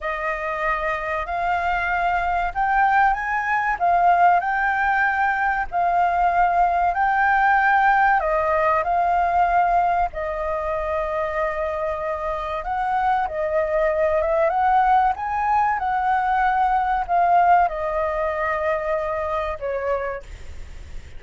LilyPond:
\new Staff \with { instrumentName = "flute" } { \time 4/4 \tempo 4 = 95 dis''2 f''2 | g''4 gis''4 f''4 g''4~ | g''4 f''2 g''4~ | g''4 dis''4 f''2 |
dis''1 | fis''4 dis''4. e''8 fis''4 | gis''4 fis''2 f''4 | dis''2. cis''4 | }